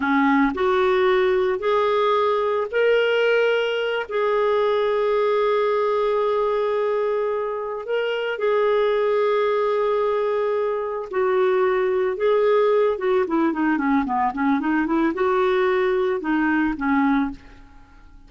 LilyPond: \new Staff \with { instrumentName = "clarinet" } { \time 4/4 \tempo 4 = 111 cis'4 fis'2 gis'4~ | gis'4 ais'2~ ais'8 gis'8~ | gis'1~ | gis'2~ gis'8 ais'4 gis'8~ |
gis'1~ | gis'8 fis'2 gis'4. | fis'8 e'8 dis'8 cis'8 b8 cis'8 dis'8 e'8 | fis'2 dis'4 cis'4 | }